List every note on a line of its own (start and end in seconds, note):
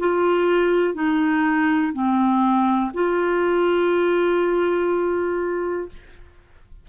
0.00 0.95 F4
0.95 1.93 D#4
1.94 2.92 C4
2.94 5.89 F4